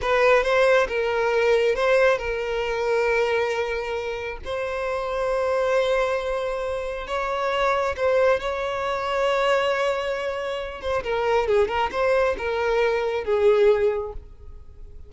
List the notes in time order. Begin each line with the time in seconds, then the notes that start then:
0.01 B4
0.43 C5
0.88 A#4
1.75 C5
2.18 A#4
4.44 C5
7.07 C#5
7.96 C5
8.40 C#5
10.81 C5
11.03 A#4
11.47 G#4
11.68 A#4
11.91 C5
12.37 A#4
13.24 G#4